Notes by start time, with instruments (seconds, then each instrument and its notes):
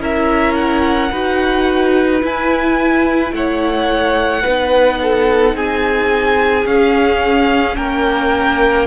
0.00 cello C#4, viola E4, violin A#4 E5
0.55 violin F#5
1.12 cello D#4, viola F#4, violin B4
2.22 viola E4, cello E4, violin G#5
3.33 cello A3, violin C#5 F#5
4.43 cello B3, viola D#4, violin B4
5.03 violin A4
5.54 cello C4, violin G#4 G#5
6.66 viola C#4, cello C#4, violin F5
7.76 cello A#3, violin A#4 G5